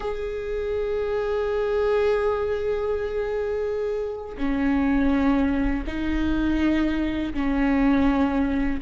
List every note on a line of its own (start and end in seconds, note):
0.00 4.37 G#4
4.37 5.84 C#4
5.87 7.33 D#4
7.33 8.80 C#4